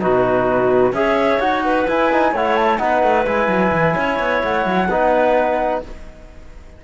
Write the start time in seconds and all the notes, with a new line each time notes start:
0.00 B2 D#4 F#4 B4
0.92 C#4 G#4 C#5 E5
1.39 D#4 F#4 F#5
1.64 B4
1.87 E4 G#5
2.11 D#4
2.32 A3 E4 C#5 F#5
2.56 A5
2.77 B3 D#4 B4 F#5
3.03 A3
3.26 G#3 E4 G#5
3.48 F#3
3.71 E3
3.95 C#4 C#5
4.19 B3
4.42 A3 F#5
4.65 F#3
4.88 B3 D#4 B4